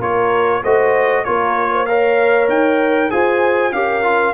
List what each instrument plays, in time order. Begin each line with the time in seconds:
0.00 tuba A#3, trombone F4, horn A#4, trumpet C#5
0.63 tuba A3, trombone F#4, horn C5, trumpet D#5
1.25 tuba A#3, trombone F4, horn A#4, trumpet C#5
1.72 horn C5
1.86 trombone A#4, horn C#5, trumpet F5
2.49 tuba D#4, trumpet G5
3.10 tuba F4, trombone G#4, horn C5, trumpet G#5
3.72 tuba C#4, trombone G4, horn A#4, trumpet F5
4.04 trombone F4